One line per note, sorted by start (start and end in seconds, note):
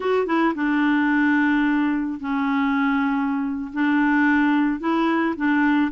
0.00 0.26 F#4
0.26 0.54 E4
0.55 2.20 D4
2.20 3.71 C#4
3.73 4.80 D4
4.80 5.35 E4
5.36 5.91 D4